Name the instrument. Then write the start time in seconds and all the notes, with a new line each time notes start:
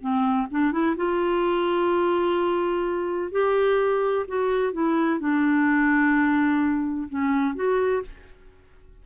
clarinet
0.00 C4
0.50 D4
0.72 E4
0.96 F4
3.31 G4
4.27 F#4
4.72 E4
5.19 D4
7.09 C#4
7.55 F#4